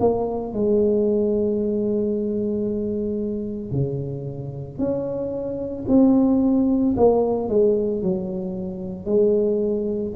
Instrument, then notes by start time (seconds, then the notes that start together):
tuba
0.00 A#3
0.53 G#3
3.72 C#3
4.78 C#4
5.88 C4
6.97 A#3
7.49 G#3
8.02 F#3
9.06 G#3